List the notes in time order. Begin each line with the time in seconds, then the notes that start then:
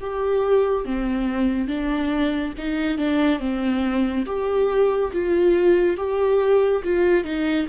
0.00 G4
0.85 C4
1.68 D4
2.58 D#4
2.98 D4
3.39 C4
4.26 G4
5.12 F4
5.97 G4
6.84 F4
7.24 D#4